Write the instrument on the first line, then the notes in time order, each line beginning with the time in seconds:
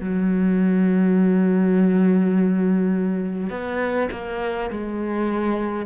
cello
0.00 F#3
3.50 B3
4.12 A#3
4.70 G#3